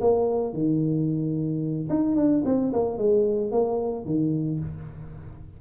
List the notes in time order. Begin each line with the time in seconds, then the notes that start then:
0.00 A#3
0.53 D#3
1.89 D#4
2.15 D4
2.45 C4
2.73 A#3
2.97 G#3
3.51 A#3
4.05 D#3